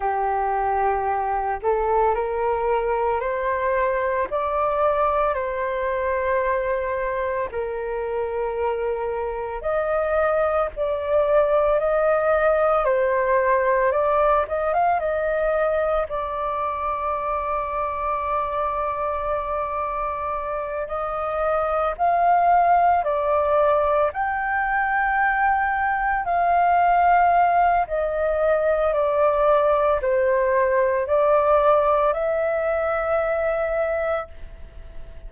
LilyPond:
\new Staff \with { instrumentName = "flute" } { \time 4/4 \tempo 4 = 56 g'4. a'8 ais'4 c''4 | d''4 c''2 ais'4~ | ais'4 dis''4 d''4 dis''4 | c''4 d''8 dis''16 f''16 dis''4 d''4~ |
d''2.~ d''8 dis''8~ | dis''8 f''4 d''4 g''4.~ | g''8 f''4. dis''4 d''4 | c''4 d''4 e''2 | }